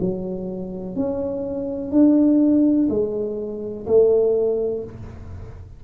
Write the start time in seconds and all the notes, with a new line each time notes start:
0.00 F#3
0.96 C#4
1.91 D4
2.89 G#3
3.87 A3